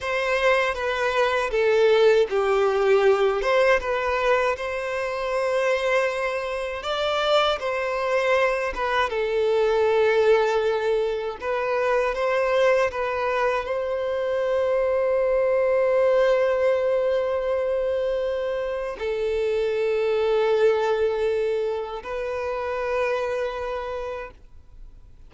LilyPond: \new Staff \with { instrumentName = "violin" } { \time 4/4 \tempo 4 = 79 c''4 b'4 a'4 g'4~ | g'8 c''8 b'4 c''2~ | c''4 d''4 c''4. b'8 | a'2. b'4 |
c''4 b'4 c''2~ | c''1~ | c''4 a'2.~ | a'4 b'2. | }